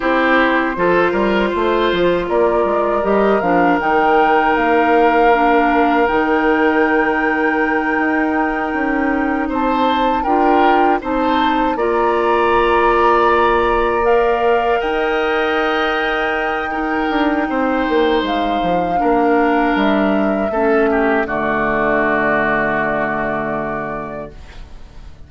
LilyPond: <<
  \new Staff \with { instrumentName = "flute" } { \time 4/4 \tempo 4 = 79 c''2. d''4 | dis''8 f''8 g''4 f''2 | g''1~ | g''8 a''4 g''4 a''4 ais''8~ |
ais''2~ ais''8 f''4 g''8~ | g''1 | f''2 e''2 | d''1 | }
  \new Staff \with { instrumentName = "oboe" } { \time 4/4 g'4 a'8 ais'8 c''4 ais'4~ | ais'1~ | ais'1~ | ais'8 c''4 ais'4 c''4 d''8~ |
d''2.~ d''8 dis''8~ | dis''2 ais'4 c''4~ | c''4 ais'2 a'8 g'8 | fis'1 | }
  \new Staff \with { instrumentName = "clarinet" } { \time 4/4 e'4 f'2. | g'8 d'8 dis'2 d'4 | dis'1~ | dis'4. f'4 dis'4 f'8~ |
f'2~ f'8 ais'4.~ | ais'2 dis'2~ | dis'4 d'2 cis'4 | a1 | }
  \new Staff \with { instrumentName = "bassoon" } { \time 4/4 c'4 f8 g8 a8 f8 ais8 gis8 | g8 f8 dis4 ais2 | dis2~ dis8 dis'4 cis'8~ | cis'8 c'4 d'4 c'4 ais8~ |
ais2.~ ais8 dis'8~ | dis'2~ dis'8 d'8 c'8 ais8 | gis8 f8 ais4 g4 a4 | d1 | }
>>